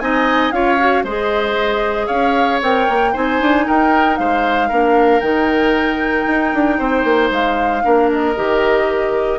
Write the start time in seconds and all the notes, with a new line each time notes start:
0.00 C4 D#4 D#5 G#5
0.52 C#4 F4 C#5 F5
0.79 F#4
1.04 G#3 G#4 C5 D#5
2.07 C#4 C#5 F5
2.62 C4 A#4 G5
2.89 A#3
3.13 C4 D#4 C5 G#5
3.41 D4
3.67 D#4 A#4 G5
4.17 G#3 C5 F5
4.69 A#3 D4 A#4
5.21 D#3 D#4 G5
6.27 D#4
6.54 D4
6.79 C4 C5
7.04 A#3
7.31 G#3 F5
7.83 A#3 D4 A#4
8.12 D#5
8.36 D#3 G4